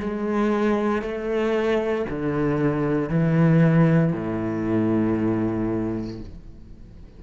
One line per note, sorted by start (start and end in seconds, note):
0.00 1.02 G#3
1.02 2.05 A3
2.10 3.09 D3
3.09 4.13 E3
4.13 6.20 A2